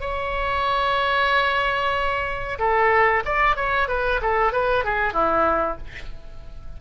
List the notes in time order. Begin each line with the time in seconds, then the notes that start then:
0.00 C#5
2.58 A4
3.25 D5
3.56 C#5
3.88 B4
4.21 A4
4.52 B4
4.84 G#4
5.13 E4